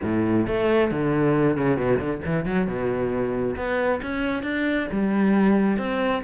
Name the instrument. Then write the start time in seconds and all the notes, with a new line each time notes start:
cello
0.02 A2
0.47 A3
0.91 D3
1.57 C#3
1.76 B2
1.99 D3
2.25 E3
2.45 F#3
2.67 B2
3.56 B3
4.02 C#4
4.43 D4
4.91 G3
5.78 C4